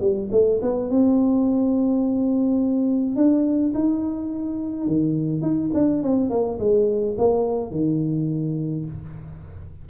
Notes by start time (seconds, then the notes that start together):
0.00 G3
0.31 A3
0.62 B3
0.90 C4
3.16 D4
3.74 D#4
4.87 D#3
5.42 D#4
5.74 D4
6.03 C4
6.30 A#3
6.59 G#3
7.17 A#3
7.71 D#3